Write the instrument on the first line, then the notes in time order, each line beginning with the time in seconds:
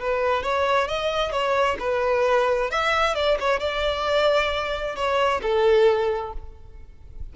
violin
0.00 B4
0.43 C#5
0.88 D#5
1.32 C#5
1.80 B4
2.71 E5
3.15 D5
3.40 C#5
3.60 D5
4.96 C#5
5.42 A4